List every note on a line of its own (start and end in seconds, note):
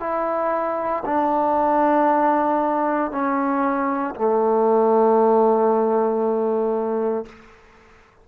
0.00 1.03 E4
1.06 3.12 D4
3.12 4.15 C#4
4.16 7.26 A3